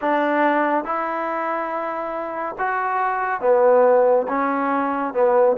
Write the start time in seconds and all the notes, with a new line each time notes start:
0.01 D4
0.84 E4
2.58 F#4
3.41 B3
4.27 C#4
5.13 B3